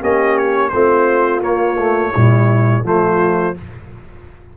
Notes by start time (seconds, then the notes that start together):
0.00 A#3 C#4 G4 D#5
0.38 C#5
0.69 A3 C4 F4 C5
1.41 A#3 C#5
1.79 A3
2.13 A#2 G3 E4
2.83 F3 A3 F4 C5